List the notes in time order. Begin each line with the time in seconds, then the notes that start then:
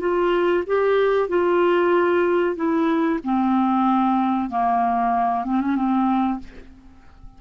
0.00 F4
0.66 G4
1.29 F4
2.56 E4
3.24 C4
4.50 A#3
5.45 C4
5.61 C#4
5.75 C4